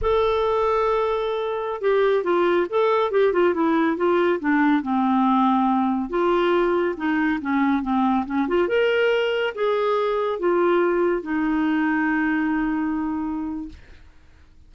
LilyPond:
\new Staff \with { instrumentName = "clarinet" } { \time 4/4 \tempo 4 = 140 a'1~ | a'16 g'4 f'4 a'4 g'8 f'16~ | f'16 e'4 f'4 d'4 c'8.~ | c'2~ c'16 f'4.~ f'16~ |
f'16 dis'4 cis'4 c'4 cis'8 f'16~ | f'16 ais'2 gis'4.~ gis'16~ | gis'16 f'2 dis'4.~ dis'16~ | dis'1 | }